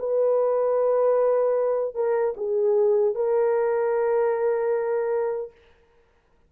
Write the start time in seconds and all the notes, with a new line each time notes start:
0.00 B4
1.95 A#4
2.38 G#4
3.15 A#4